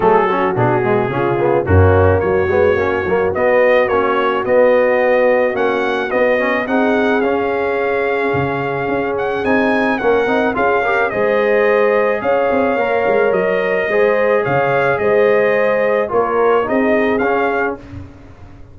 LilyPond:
<<
  \new Staff \with { instrumentName = "trumpet" } { \time 4/4 \tempo 4 = 108 a'4 gis'2 fis'4 | cis''2 dis''4 cis''4 | dis''2 fis''4 dis''4 | fis''4 f''2.~ |
f''8 fis''8 gis''4 fis''4 f''4 | dis''2 f''2 | dis''2 f''4 dis''4~ | dis''4 cis''4 dis''4 f''4 | }
  \new Staff \with { instrumentName = "horn" } { \time 4/4 gis'8 fis'4. f'4 cis'4 | fis'1~ | fis'1 | gis'1~ |
gis'2 ais'4 gis'8 ais'8 | c''2 cis''2~ | cis''4 c''4 cis''4 c''4~ | c''4 ais'4 gis'2 | }
  \new Staff \with { instrumentName = "trombone" } { \time 4/4 a8 cis'8 d'8 gis8 cis'8 b8 ais4~ | ais8 b8 cis'8 ais8 b4 cis'4 | b2 cis'4 b8 cis'8 | dis'4 cis'2.~ |
cis'4 dis'4 cis'8 dis'8 f'8 g'8 | gis'2. ais'4~ | ais'4 gis'2.~ | gis'4 f'4 dis'4 cis'4 | }
  \new Staff \with { instrumentName = "tuba" } { \time 4/4 fis4 b,4 cis4 fis,4 | fis8 gis8 ais8 fis8 b4 ais4 | b2 ais4 b4 | c'4 cis'2 cis4 |
cis'4 c'4 ais8 c'8 cis'4 | gis2 cis'8 c'8 ais8 gis8 | fis4 gis4 cis4 gis4~ | gis4 ais4 c'4 cis'4 | }
>>